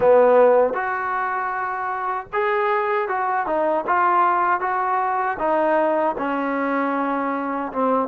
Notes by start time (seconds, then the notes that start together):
0.00 B3
0.73 F#4
2.32 G#4
3.08 F#4
3.46 D#4
3.86 F4
4.60 F#4
5.38 D#4
6.18 C#4
7.72 C4